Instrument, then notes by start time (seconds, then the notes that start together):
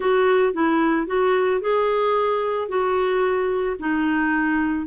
clarinet
0.00 F#4
0.53 E4
1.07 F#4
1.61 G#4
2.68 F#4
3.79 D#4